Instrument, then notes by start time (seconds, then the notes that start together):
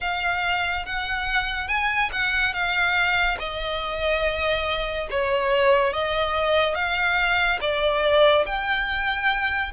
violin
0.00 F5
0.85 F#5
1.67 G#5
2.12 F#5
2.53 F5
3.39 D#5
5.10 C#5
5.93 D#5
6.75 F5
7.61 D5
8.45 G5